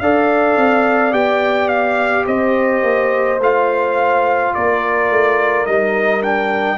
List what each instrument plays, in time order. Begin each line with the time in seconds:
0.00 tuba D4, trombone A4, horn D5, trumpet F5
0.57 tuba C4
1.12 tuba B3, trombone G4, trumpet G5
1.68 trumpet F5
2.27 tuba C4, horn C5, trumpet D#5
2.83 tuba A#3
3.39 tuba A3, trombone F4, trumpet F5
4.54 tuba A#3, horn A#4, trumpet D5
5.11 tuba A3
5.66 tuba G3, trombone D#4, trumpet D#5
6.22 trombone D4, trumpet G5